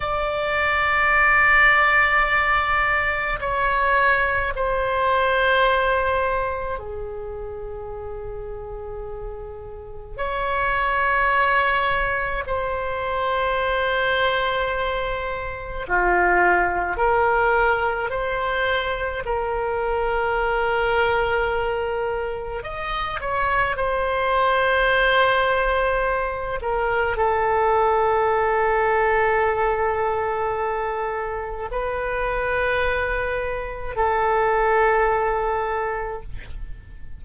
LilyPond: \new Staff \with { instrumentName = "oboe" } { \time 4/4 \tempo 4 = 53 d''2. cis''4 | c''2 gis'2~ | gis'4 cis''2 c''4~ | c''2 f'4 ais'4 |
c''4 ais'2. | dis''8 cis''8 c''2~ c''8 ais'8 | a'1 | b'2 a'2 | }